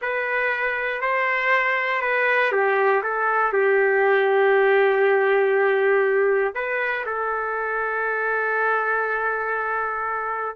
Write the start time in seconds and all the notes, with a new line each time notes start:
0.01 B4
1.01 C5
2.01 B4
2.51 G4
3.03 A4
3.52 G4
6.54 B4
7.06 A4